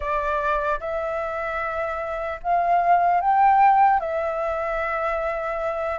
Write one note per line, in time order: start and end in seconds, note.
0.00 0.79 D5
0.80 2.40 E5
2.42 3.20 F5
3.20 4.00 G5
4.00 5.99 E5